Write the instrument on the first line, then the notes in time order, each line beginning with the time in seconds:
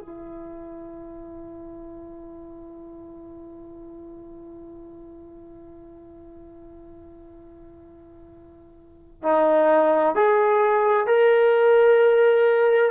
trombone
0.00 E4
9.22 D#4
10.15 G#4
11.06 A#4